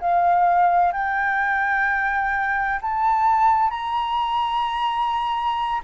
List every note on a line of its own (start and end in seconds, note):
0.00 0.92 F5
0.92 2.80 G5
2.81 3.70 A5
3.70 5.81 A#5